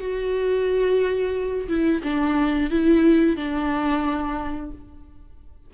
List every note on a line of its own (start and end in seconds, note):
0.00 1.69 F#4
1.69 2.03 E4
2.04 2.71 D4
2.71 3.37 E4
3.37 4.72 D4